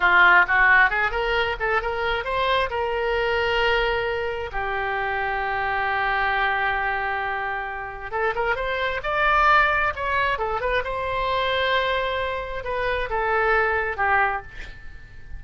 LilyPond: \new Staff \with { instrumentName = "oboe" } { \time 4/4 \tempo 4 = 133 f'4 fis'4 gis'8 ais'4 a'8 | ais'4 c''4 ais'2~ | ais'2 g'2~ | g'1~ |
g'2 a'8 ais'8 c''4 | d''2 cis''4 a'8 b'8 | c''1 | b'4 a'2 g'4 | }